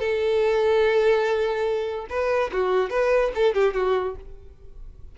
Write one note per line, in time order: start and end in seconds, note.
0.00 2.07 A4
2.10 2.51 B4
2.53 2.90 F#4
2.90 3.32 B4
3.35 3.55 A4
3.55 3.74 G4
3.74 4.16 F#4